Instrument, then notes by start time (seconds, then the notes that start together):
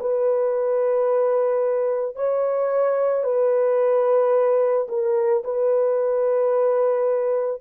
horn
0.00 B4
2.16 C#5
3.24 B4
4.89 A#4
5.44 B4